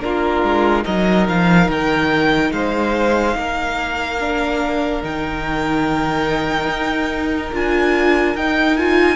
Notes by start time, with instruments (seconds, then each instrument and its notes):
0.00 cello A#3, viola D4, violin F4 A#4
0.43 cello G#3
0.83 cello F#3, viola D#4, violin A#4 D#5
1.29 cello F3, violin F5
1.68 cello D#3, violin G5
2.52 cello G#3, violin C5 F5
3.35 cello A#3, violin A#4
4.20 viola D4
5.03 cello D#3, viola D#4, violin G5
6.68 cello D#4
7.53 cello D4, viola F4, violin G#5
8.35 cello D#4, viola D#4, violin G5
8.77 viola F4, violin G#5